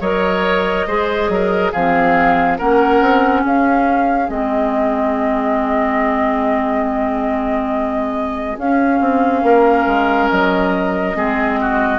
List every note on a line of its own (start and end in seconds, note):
0.00 0.86 F#3
0.00 0.87 A#4
0.00 0.86 C#5
0.00 1.72 D#5
0.87 1.29 G#3
0.87 1.73 G#4
0.87 1.29 C5
1.29 1.71 F#3
1.29 1.71 A#4
1.71 2.60 F3
1.71 2.59 C4
1.71 2.57 G#4
1.71 2.58 F5
2.57 3.01 A#3
2.57 4.28 C#4
2.57 3.41 A#4
2.57 3.44 F#5
3.01 3.44 C4
3.41 4.28 C#4
3.41 9.41 G#4
3.41 4.29 F5
4.28 8.57 G#3
4.28 8.56 C4
4.28 8.58 D#5
8.57 9.00 C#4
8.57 11.14 C#4
8.57 10.29 F5
9.00 9.42 C4
9.42 9.85 A#3
9.42 11.16 A#4
9.86 10.29 G#3
10.29 11.15 F#3
10.29 11.99 D#5
11.14 11.99 G#3
11.14 11.99 C4
11.14 11.59 G#4
11.60 11.99 F#4